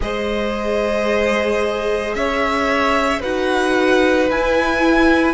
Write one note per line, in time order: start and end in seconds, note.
0.00 2.15 G#3
0.00 3.21 G#4
0.00 2.16 C5
0.00 2.14 D#5
2.14 3.22 C#4
2.14 3.19 C#5
2.14 3.21 E5
3.19 4.29 D#4
3.19 4.29 F#4
3.19 5.33 B4
3.19 4.29 F#5
4.29 5.33 E4
4.29 5.33 G#5